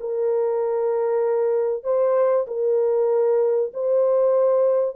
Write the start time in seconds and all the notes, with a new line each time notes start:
0.00 A#4
1.84 C5
2.47 A#4
3.74 C5